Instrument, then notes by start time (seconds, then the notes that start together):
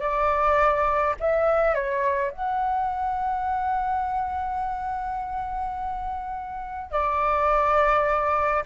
flute
0.00 D5
1.20 E5
1.74 C#5
2.31 F#5
6.91 D5